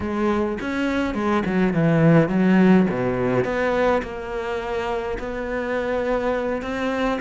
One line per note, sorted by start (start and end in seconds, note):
0.00 0.58 G#3
0.61 1.14 C#4
1.14 1.43 G#3
1.45 1.73 F#3
1.73 2.28 E3
2.28 2.86 F#3
2.90 3.44 B2
3.44 4.01 B3
4.02 5.17 A#3
5.18 6.61 B3
6.61 7.19 C4